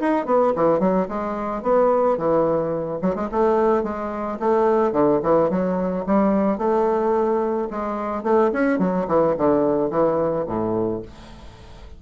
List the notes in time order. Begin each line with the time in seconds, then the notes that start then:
0.00 D#4
0.26 B3
0.56 E3
0.80 F#3
1.08 G#3
1.63 B3
2.18 E3
3.02 F#3
3.15 G#3
3.32 A3
3.83 G#3
4.40 A3
4.92 D3
5.23 E3
5.50 F#3
6.06 G3
6.58 A3
7.70 G#3
8.23 A3
8.53 C#4
8.79 F#3
9.08 E3
9.38 D3
9.90 E3
10.47 A2